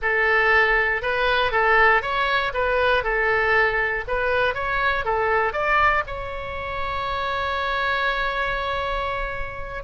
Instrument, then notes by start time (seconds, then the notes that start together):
oboe
0.02 A4
1.02 B4
1.51 A4
2.01 C#5
2.53 B4
3.03 A4
4.07 B4
4.54 C#5
5.04 A4
5.53 D5
6.06 C#5